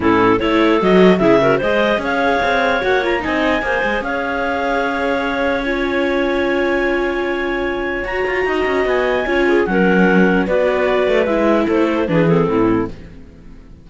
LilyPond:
<<
  \new Staff \with { instrumentName = "clarinet" } { \time 4/4 \tempo 4 = 149 a'4 cis''4 dis''4 e''4 | dis''4 f''2 fis''8 ais''8 | gis''2 f''2~ | f''2 gis''2~ |
gis''1 | ais''2 gis''2 | fis''2 d''2 | e''4 c''4 b'8 a'4. | }
  \new Staff \with { instrumentName = "clarinet" } { \time 4/4 e'4 a'2 gis'8 ais'8 | c''4 cis''2. | dis''4 c''4 cis''2~ | cis''1~ |
cis''1~ | cis''4 dis''2 cis''8 gis'8 | ais'2 b'2~ | b'4 a'4 gis'4 e'4 | }
  \new Staff \with { instrumentName = "viola" } { \time 4/4 cis'4 e'4 fis'4 e'8 fis'8 | gis'2. fis'8 f'8 | dis'4 gis'2.~ | gis'2 f'2~ |
f'1 | fis'2. f'4 | cis'2 fis'2 | e'2 d'8 c'4. | }
  \new Staff \with { instrumentName = "cello" } { \time 4/4 a,4 a4 fis4 cis4 | gis4 cis'4 c'4 ais4 | c'4 ais8 gis8 cis'2~ | cis'1~ |
cis'1 | fis'8 f'8 dis'8 cis'8 b4 cis'4 | fis2 b4. a8 | gis4 a4 e4 a,4 | }
>>